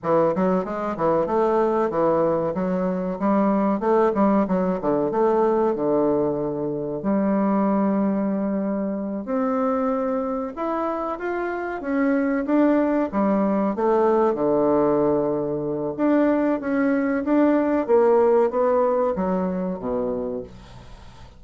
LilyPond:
\new Staff \with { instrumentName = "bassoon" } { \time 4/4 \tempo 4 = 94 e8 fis8 gis8 e8 a4 e4 | fis4 g4 a8 g8 fis8 d8 | a4 d2 g4~ | g2~ g8 c'4.~ |
c'8 e'4 f'4 cis'4 d'8~ | d'8 g4 a4 d4.~ | d4 d'4 cis'4 d'4 | ais4 b4 fis4 b,4 | }